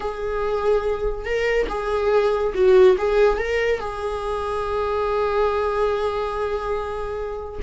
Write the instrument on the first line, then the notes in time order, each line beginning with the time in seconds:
viola
0.00 G#4
1.25 A#4
1.68 G#4
2.54 F#4
2.98 G#4
3.38 A#4
3.80 G#4